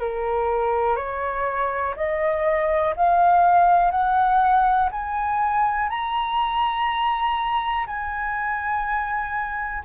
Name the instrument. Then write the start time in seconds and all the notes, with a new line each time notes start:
flute
0.00 A#4
0.97 C#5
1.97 D#5
2.97 F5
3.92 F#5
4.92 G#5
5.90 A#5
7.87 G#5